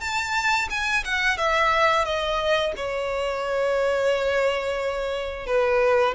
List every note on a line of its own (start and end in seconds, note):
0.00 0.68 A5
0.70 1.04 G#5
1.04 1.37 F#5
1.37 2.04 E5
2.04 2.72 D#5
2.76 5.46 C#5
5.46 6.14 B4